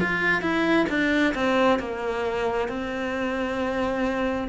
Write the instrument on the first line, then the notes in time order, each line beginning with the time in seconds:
cello
0.00 F4
0.41 E4
0.89 D4
1.34 C4
1.79 A#3
2.68 C4